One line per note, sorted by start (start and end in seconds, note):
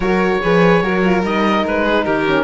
0.00 0.37 F#3
0.00 0.42 F#4
0.00 0.41 A#4
0.00 1.21 C#5
0.42 0.82 F3
0.42 0.83 G#4
0.42 0.82 B4
0.82 1.23 F#3
0.82 1.04 F#4
0.82 1.84 A#4
1.04 1.23 F4
1.23 1.64 G3
1.23 2.26 D#4
1.23 1.66 D#5
1.64 2.06 G#3
1.64 2.05 B4
1.84 2.04 G#4
2.05 2.43 D#3
2.05 2.43 G4
2.05 2.43 A#4
2.26 2.43 C#4